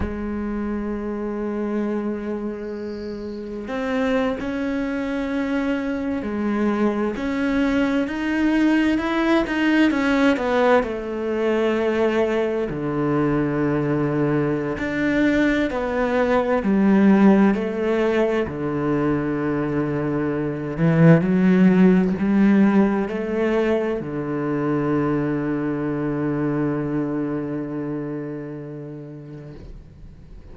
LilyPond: \new Staff \with { instrumentName = "cello" } { \time 4/4 \tempo 4 = 65 gis1 | c'8. cis'2 gis4 cis'16~ | cis'8. dis'4 e'8 dis'8 cis'8 b8 a16~ | a4.~ a16 d2~ d16 |
d'4 b4 g4 a4 | d2~ d8 e8 fis4 | g4 a4 d2~ | d1 | }